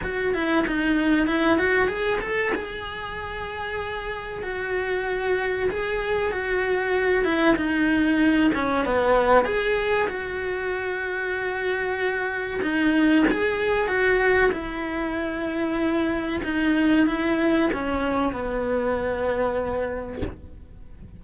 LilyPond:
\new Staff \with { instrumentName = "cello" } { \time 4/4 \tempo 4 = 95 fis'8 e'8 dis'4 e'8 fis'8 gis'8 a'8 | gis'2. fis'4~ | fis'4 gis'4 fis'4. e'8 | dis'4. cis'8 b4 gis'4 |
fis'1 | dis'4 gis'4 fis'4 e'4~ | e'2 dis'4 e'4 | cis'4 b2. | }